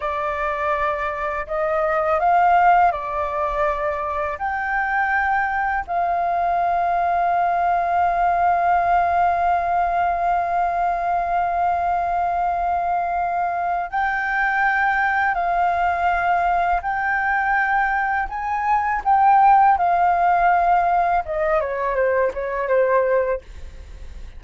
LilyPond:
\new Staff \with { instrumentName = "flute" } { \time 4/4 \tempo 4 = 82 d''2 dis''4 f''4 | d''2 g''2 | f''1~ | f''1~ |
f''2. g''4~ | g''4 f''2 g''4~ | g''4 gis''4 g''4 f''4~ | f''4 dis''8 cis''8 c''8 cis''8 c''4 | }